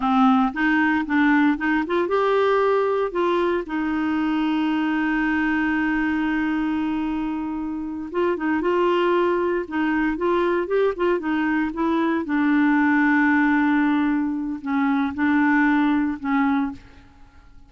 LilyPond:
\new Staff \with { instrumentName = "clarinet" } { \time 4/4 \tempo 4 = 115 c'4 dis'4 d'4 dis'8 f'8 | g'2 f'4 dis'4~ | dis'1~ | dis'2.~ dis'8 f'8 |
dis'8 f'2 dis'4 f'8~ | f'8 g'8 f'8 dis'4 e'4 d'8~ | d'1 | cis'4 d'2 cis'4 | }